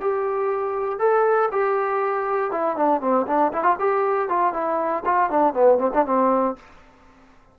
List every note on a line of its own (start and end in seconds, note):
0.00 0.99 G4
0.99 1.49 A4
1.51 2.51 G4
2.51 2.76 E4
2.76 3.00 D4
3.00 3.25 C4
3.26 3.52 D4
3.52 3.63 E4
3.63 3.76 F4
3.79 4.28 G4
4.28 4.53 F4
4.53 5.03 E4
5.05 5.30 F4
5.30 5.53 D4
5.53 5.78 B3
5.78 5.90 C4
5.93 6.05 D4
6.05 6.55 C4